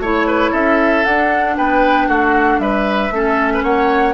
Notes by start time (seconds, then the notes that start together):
0.00 A3 E4 C#5
0.27 B4
0.52 C#4 A4 E5
1.05 D4 F#5
1.58 B3 B4 G5
2.08 A3 F#4 F#5
2.59 G3 B4 E5
3.11 A3 C#4 A4
3.54 B4
3.63 A#3 C#5 F#5